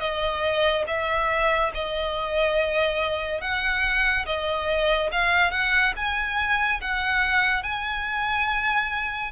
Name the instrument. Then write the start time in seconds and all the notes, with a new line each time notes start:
violin
0.00 D#5
0.87 E5
1.74 D#5
3.41 F#5
4.26 D#5
5.12 F5
5.51 F#5
5.97 G#5
6.81 F#5
7.63 G#5